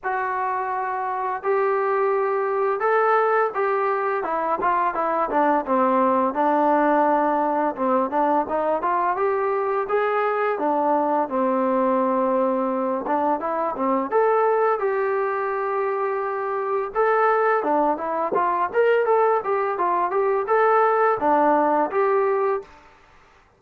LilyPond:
\new Staff \with { instrumentName = "trombone" } { \time 4/4 \tempo 4 = 85 fis'2 g'2 | a'4 g'4 e'8 f'8 e'8 d'8 | c'4 d'2 c'8 d'8 | dis'8 f'8 g'4 gis'4 d'4 |
c'2~ c'8 d'8 e'8 c'8 | a'4 g'2. | a'4 d'8 e'8 f'8 ais'8 a'8 g'8 | f'8 g'8 a'4 d'4 g'4 | }